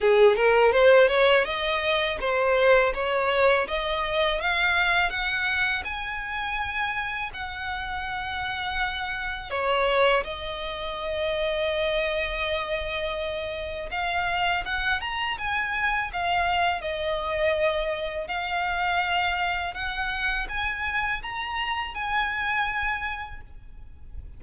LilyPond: \new Staff \with { instrumentName = "violin" } { \time 4/4 \tempo 4 = 82 gis'8 ais'8 c''8 cis''8 dis''4 c''4 | cis''4 dis''4 f''4 fis''4 | gis''2 fis''2~ | fis''4 cis''4 dis''2~ |
dis''2. f''4 | fis''8 ais''8 gis''4 f''4 dis''4~ | dis''4 f''2 fis''4 | gis''4 ais''4 gis''2 | }